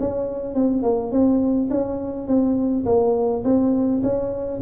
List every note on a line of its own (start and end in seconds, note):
0.00 0.55 C#4
0.55 0.83 C4
0.83 1.12 A#3
1.12 1.69 C4
1.70 2.28 C#4
2.28 2.85 C4
2.86 3.44 A#3
3.44 4.02 C4
4.03 4.61 C#4